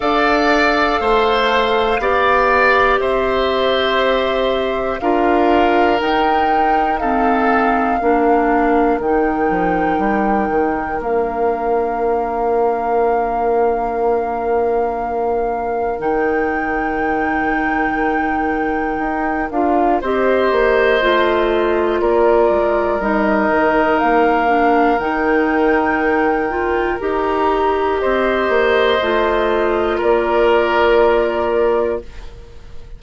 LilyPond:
<<
  \new Staff \with { instrumentName = "flute" } { \time 4/4 \tempo 4 = 60 f''2. e''4~ | e''4 f''4 g''4 f''4~ | f''4 g''2 f''4~ | f''1 |
g''2.~ g''8 f''8 | dis''2 d''4 dis''4 | f''4 g''2 ais''4 | dis''2 d''2 | }
  \new Staff \with { instrumentName = "oboe" } { \time 4/4 d''4 c''4 d''4 c''4~ | c''4 ais'2 a'4 | ais'1~ | ais'1~ |
ais'1 | c''2 ais'2~ | ais'1 | c''2 ais'2 | }
  \new Staff \with { instrumentName = "clarinet" } { \time 4/4 a'2 g'2~ | g'4 f'4 dis'4 c'4 | d'4 dis'2 d'4~ | d'1 |
dis'2.~ dis'8 f'8 | g'4 f'2 dis'4~ | dis'8 d'8 dis'4. f'8 g'4~ | g'4 f'2. | }
  \new Staff \with { instrumentName = "bassoon" } { \time 4/4 d'4 a4 b4 c'4~ | c'4 d'4 dis'2 | ais4 dis8 f8 g8 dis8 ais4~ | ais1 |
dis2. dis'8 d'8 | c'8 ais8 a4 ais8 gis8 g8 dis8 | ais4 dis2 dis'4 | c'8 ais8 a4 ais2 | }
>>